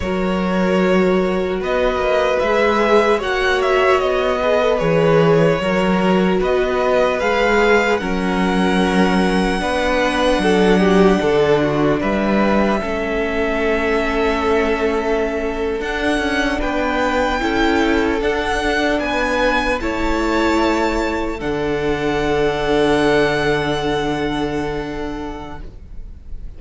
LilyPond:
<<
  \new Staff \with { instrumentName = "violin" } { \time 4/4 \tempo 4 = 75 cis''2 dis''4 e''4 | fis''8 e''8 dis''4 cis''2 | dis''4 f''4 fis''2~ | fis''2. e''4~ |
e''2.~ e''8. fis''16~ | fis''8. g''2 fis''4 gis''16~ | gis''8. a''2 fis''4~ fis''16~ | fis''1 | }
  \new Staff \with { instrumentName = "violin" } { \time 4/4 ais'2 b'2 | cis''4. b'4. ais'4 | b'2 ais'2 | b'4 a'8 g'8 a'8 fis'8 b'4 |
a'1~ | a'8. b'4 a'2 b'16~ | b'8. cis''2 a'4~ a'16~ | a'1 | }
  \new Staff \with { instrumentName = "viola" } { \time 4/4 fis'2. gis'4 | fis'4. gis'16 a'16 gis'4 fis'4~ | fis'4 gis'4 cis'2 | d'1 |
cis'2.~ cis'8. d'16~ | d'4.~ d'16 e'4 d'4~ d'16~ | d'8. e'2 d'4~ d'16~ | d'1 | }
  \new Staff \with { instrumentName = "cello" } { \time 4/4 fis2 b8 ais8 gis4 | ais4 b4 e4 fis4 | b4 gis4 fis2 | b4 fis4 d4 g4 |
a2.~ a8. d'16~ | d'16 cis'8 b4 cis'4 d'4 b16~ | b8. a2 d4~ d16~ | d1 | }
>>